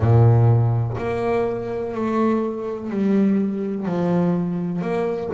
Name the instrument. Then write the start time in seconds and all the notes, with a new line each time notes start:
double bass
0.00 A#2
0.97 A#3
1.94 A3
2.89 G3
3.85 F3
4.81 A#3